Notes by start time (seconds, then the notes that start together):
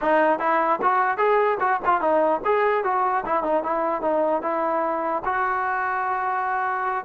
0.01 D#4
0.39 E4
0.82 F#4
1.17 G#4
1.60 F#4
1.85 F4
2.00 D#4
2.45 G#4
2.84 F#4
3.25 E4
3.43 D#4
3.63 E4
4.01 D#4
4.42 E4
5.24 F#4